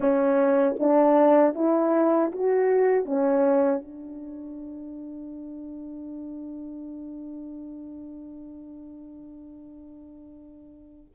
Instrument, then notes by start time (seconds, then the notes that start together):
horn
0.00 C#4
0.79 D4
1.54 E4
2.31 F#4
3.05 C#4
3.81 D4